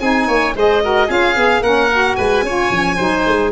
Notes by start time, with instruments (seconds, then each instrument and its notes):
0.00 tuba C4, saxophone D#4, oboe G#4, violin G#5
0.27 tuba A#3, oboe C#5
0.55 tuba G#3, saxophone G#4, oboe C5, violin D#5
0.82 saxophone F#4, oboe A#4
1.07 tuba C#4, saxophone F4, oboe G#4, violin F5
1.36 tuba B3, saxophone G#4
1.60 tuba A#3, saxophone C#4, oboe A#4, violin F#5
1.91 saxophone F#4
2.15 tuba G#3, oboe B4, violin G#5
2.42 tuba C#4, saxophone F4, oboe C#5
2.70 tuba F3, saxophone C#4
2.96 tuba F#3, saxophone D#4, oboe C5
3.26 tuba G#3